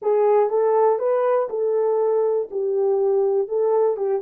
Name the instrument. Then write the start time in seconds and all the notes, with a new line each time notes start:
horn
0.01 G#4
0.49 A4
0.98 B4
1.49 A4
2.50 G4
3.48 A4
3.96 G4